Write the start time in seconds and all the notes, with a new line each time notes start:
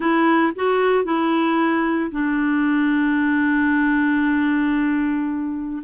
0.00 E4
0.55 F#4
1.04 E4
2.11 D4